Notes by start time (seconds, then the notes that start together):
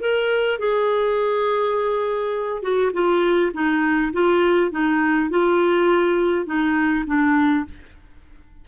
0.00 A#4
0.59 G#4
2.62 F#4
2.93 F4
3.54 D#4
4.13 F4
4.71 D#4
5.30 F4
6.46 D#4
7.06 D4